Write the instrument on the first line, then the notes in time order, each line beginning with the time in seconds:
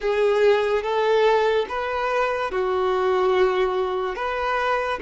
violin
0.00 G#4
0.82 A4
1.69 B4
2.51 F#4
4.15 B4